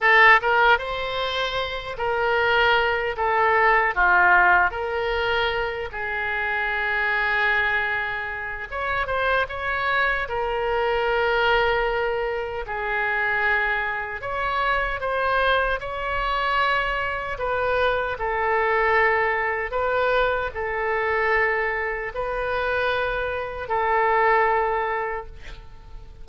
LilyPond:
\new Staff \with { instrumentName = "oboe" } { \time 4/4 \tempo 4 = 76 a'8 ais'8 c''4. ais'4. | a'4 f'4 ais'4. gis'8~ | gis'2. cis''8 c''8 | cis''4 ais'2. |
gis'2 cis''4 c''4 | cis''2 b'4 a'4~ | a'4 b'4 a'2 | b'2 a'2 | }